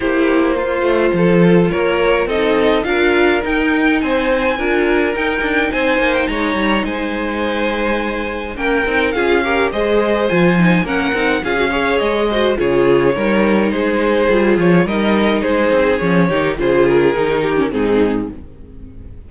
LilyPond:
<<
  \new Staff \with { instrumentName = "violin" } { \time 4/4 \tempo 4 = 105 c''2. cis''4 | dis''4 f''4 g''4 gis''4~ | gis''4 g''4 gis''8. g''16 ais''4 | gis''2. g''4 |
f''4 dis''4 gis''4 fis''4 | f''4 dis''4 cis''2 | c''4. cis''8 dis''4 c''4 | cis''4 c''8 ais'4. gis'4 | }
  \new Staff \with { instrumentName = "violin" } { \time 4/4 g'4 f'4 a'4 ais'4 | a'4 ais'2 c''4 | ais'2 c''4 cis''4 | c''2. ais'4 |
gis'8 ais'8 c''2 ais'4 | gis'8 cis''4 c''8 gis'4 ais'4 | gis'2 ais'4 gis'4~ | gis'8 g'8 gis'4. g'8 dis'4 | }
  \new Staff \with { instrumentName = "viola" } { \time 4/4 e'4 f'2. | dis'4 f'4 dis'2 | f'4 dis'2.~ | dis'2. cis'8 dis'8 |
f'8 g'8 gis'4 f'8 dis'8 cis'8 dis'8 | f'16 fis'16 gis'4 fis'8 f'4 dis'4~ | dis'4 f'4 dis'2 | cis'8 dis'8 f'4 dis'8. cis'16 c'4 | }
  \new Staff \with { instrumentName = "cello" } { \time 4/4 ais4. a8 f4 ais4 | c'4 d'4 dis'4 c'4 | d'4 dis'8 d'8 c'8 ais8 gis8 g8 | gis2. ais8 c'8 |
cis'4 gis4 f4 ais8 c'8 | cis'4 gis4 cis4 g4 | gis4 g8 f8 g4 gis8 c'8 | f8 dis8 cis4 dis4 gis,4 | }
>>